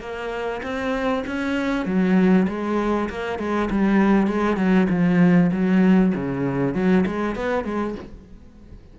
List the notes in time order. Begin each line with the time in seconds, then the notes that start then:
0.00 A#3
0.63 C4
1.27 C#4
1.86 F#3
2.48 G#3
3.10 A#3
3.39 G#3
3.70 G3
4.27 G#3
4.57 F#3
4.90 F3
5.52 F#3
6.15 C#3
6.74 F#3
7.07 G#3
7.36 B3
7.64 G#3